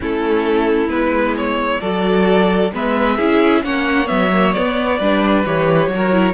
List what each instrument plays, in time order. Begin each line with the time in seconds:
0.00 cello A3, viola C#4, violin E4 A4
0.88 cello G#3, viola B3, violin B4
1.37 violin C#5
1.80 cello F#3, viola F#4, violin A4 D5
2.73 cello G#3, viola B3, violin B4 E5
3.16 cello C#4, viola E4, violin G#4
3.63 cello A#3, viola C#4, violin C#5 F#5
4.06 cello F#3, viola B3, violin E5
4.33 viola A#3
4.52 viola B3, cello B3, violin D5
4.98 cello G3, viola D4, violin B4
5.45 cello E3, viola G4, violin C#5
5.87 cello F#3
5.95 viola F#4, violin A#4
6.12 viola E4